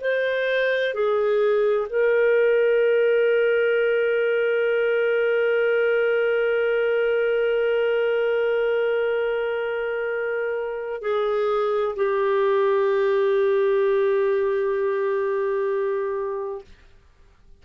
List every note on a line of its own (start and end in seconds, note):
0.00 0.94 C5
0.94 1.87 G#4
1.89 11.02 A#4
11.02 11.95 G#4
11.95 16.64 G4